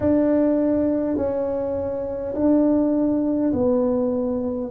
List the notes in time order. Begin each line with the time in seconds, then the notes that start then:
0.00 D4
1.17 C#4
2.34 D4
3.52 B3